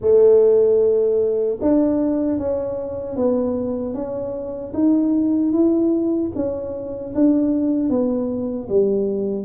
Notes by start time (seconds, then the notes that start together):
0.01 A3
1.61 D4
2.38 C#4
3.16 B3
3.93 C#4
4.73 D#4
5.52 E4
6.35 C#4
7.14 D4
7.89 B3
8.68 G3